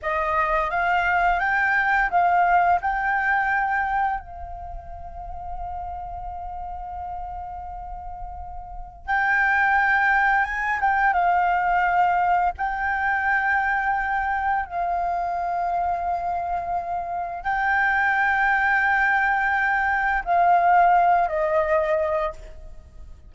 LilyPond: \new Staff \with { instrumentName = "flute" } { \time 4/4 \tempo 4 = 86 dis''4 f''4 g''4 f''4 | g''2 f''2~ | f''1~ | f''4 g''2 gis''8 g''8 |
f''2 g''2~ | g''4 f''2.~ | f''4 g''2.~ | g''4 f''4. dis''4. | }